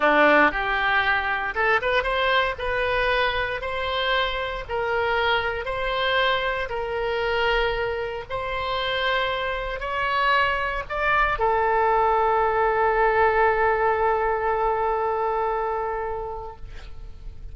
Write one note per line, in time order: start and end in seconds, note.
0.00 0.51 D4
0.51 1.54 G4
1.54 1.80 A4
1.81 2.03 B4
2.03 2.55 C5
2.58 3.61 B4
3.61 4.64 C5
4.68 5.65 A#4
5.65 6.68 C5
6.69 8.24 A#4
8.29 9.79 C5
9.79 10.83 C#5
10.89 11.38 D5
11.38 16.56 A4